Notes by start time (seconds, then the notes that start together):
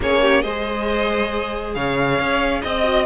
0.00 A#3 C#4 G#4 C#5
0.21 G4
0.41 G#3 G#4 C5 D#5
1.74 C#3 C#5 F5
2.19 C#4
2.61 C4 D#5
2.83 F#4